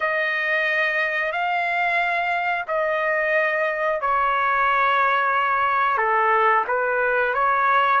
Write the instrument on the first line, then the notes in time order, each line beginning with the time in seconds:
trumpet
0.00 D#5
1.32 F5
2.67 D#5
4.01 C#5
5.97 A4
6.67 B4
7.33 C#5